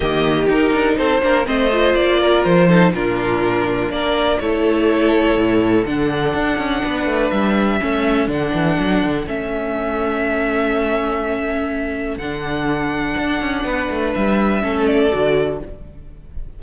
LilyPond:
<<
  \new Staff \with { instrumentName = "violin" } { \time 4/4 \tempo 4 = 123 dis''4 ais'4 c''4 dis''4 | d''4 c''4 ais'2 | d''4 cis''2. | fis''2. e''4~ |
e''4 fis''2 e''4~ | e''1~ | e''4 fis''2.~ | fis''4 e''4. d''4. | }
  \new Staff \with { instrumentName = "violin" } { \time 4/4 g'2 a'8 ais'8 c''4~ | c''8 ais'4 a'8 f'2 | ais'4 a'2.~ | a'2 b'2 |
a'1~ | a'1~ | a'1 | b'2 a'2 | }
  \new Staff \with { instrumentName = "viola" } { \time 4/4 ais4 dis'4. d'8 c'8 f'8~ | f'4. dis'8 d'2~ | d'4 e'2. | d'1 |
cis'4 d'2 cis'4~ | cis'1~ | cis'4 d'2.~ | d'2 cis'4 fis'4 | }
  \new Staff \with { instrumentName = "cello" } { \time 4/4 dis4 dis'8 d'8 c'8 ais8 a4 | ais4 f4 ais,2 | ais4 a2 a,4 | d4 d'8 cis'8 b8 a8 g4 |
a4 d8 e8 fis8 d8 a4~ | a1~ | a4 d2 d'8 cis'8 | b8 a8 g4 a4 d4 | }
>>